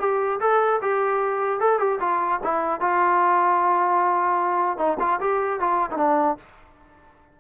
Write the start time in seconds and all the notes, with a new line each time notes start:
0.00 G4
0.41 A4
0.82 G4
1.60 A4
1.79 G4
2.00 F4
2.44 E4
2.81 F4
4.78 D#4
5.00 F4
5.21 G4
5.60 F4
5.91 D#4
5.97 D4